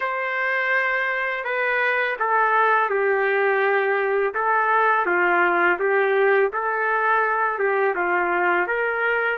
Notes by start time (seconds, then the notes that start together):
0.00 C5
1.44 B4
2.19 A4
2.89 G4
4.34 A4
5.06 F4
5.79 G4
6.53 A4
7.58 G4
7.95 F4
8.67 A#4